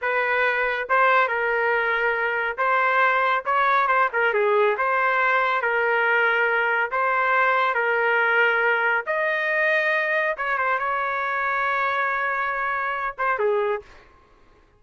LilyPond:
\new Staff \with { instrumentName = "trumpet" } { \time 4/4 \tempo 4 = 139 b'2 c''4 ais'4~ | ais'2 c''2 | cis''4 c''8 ais'8 gis'4 c''4~ | c''4 ais'2. |
c''2 ais'2~ | ais'4 dis''2. | cis''8 c''8 cis''2.~ | cis''2~ cis''8 c''8 gis'4 | }